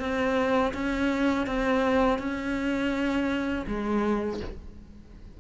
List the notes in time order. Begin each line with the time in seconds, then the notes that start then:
0.00 C4
0.74 C#4
1.47 C4
2.19 C#4
3.67 G#3